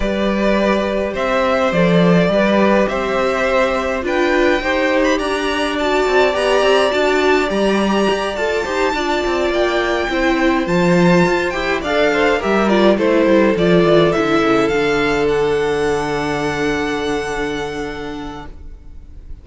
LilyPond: <<
  \new Staff \with { instrumentName = "violin" } { \time 4/4 \tempo 4 = 104 d''2 e''4 d''4~ | d''4 e''2 g''4~ | g''8. b''16 ais''4 a''4 ais''4 | a''4 ais''4. a''4.~ |
a''8 g''2 a''4. | g''8 f''4 e''8 d''8 c''4 d''8~ | d''8 e''4 f''4 fis''4.~ | fis''1 | }
  \new Staff \with { instrumentName = "violin" } { \time 4/4 b'2 c''2 | b'4 c''2 b'4 | c''4 d''2.~ | d''2. c''8 d''8~ |
d''4. c''2~ c''8~ | c''8 d''8 c''8 ais'4 a'4.~ | a'1~ | a'1 | }
  \new Staff \with { instrumentName = "viola" } { \time 4/4 g'2. a'4 | g'2. f'4 | g'2 fis'4 g'4 | fis'4 g'4. a'8 g'8 f'8~ |
f'4. e'4 f'4. | g'8 a'4 g'8 f'8 e'4 f'8~ | f'8 e'4 d'2~ d'8~ | d'1 | }
  \new Staff \with { instrumentName = "cello" } { \time 4/4 g2 c'4 f4 | g4 c'2 d'4 | dis'4 d'4. c'8 b8 c'8 | d'4 g4 g'8 f'8 dis'8 d'8 |
c'8 ais4 c'4 f4 f'8 | e'8 d'4 g4 a8 g8 f8 | e8 d8 cis8 d2~ d8~ | d1 | }
>>